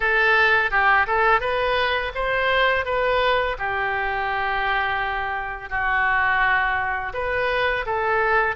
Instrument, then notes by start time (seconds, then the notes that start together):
oboe
0.00 A4
0.70 G4
1.06 A4
1.40 B4
2.15 C5
2.85 B4
3.58 G4
5.69 F#4
7.13 B4
7.85 A4